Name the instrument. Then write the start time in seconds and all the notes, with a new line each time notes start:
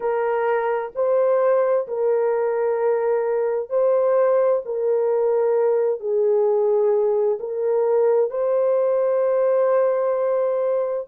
horn
0.00 A#4
0.95 C5
1.87 A#4
3.69 C5
4.65 A#4
6.00 G#4
7.39 A#4
8.30 C5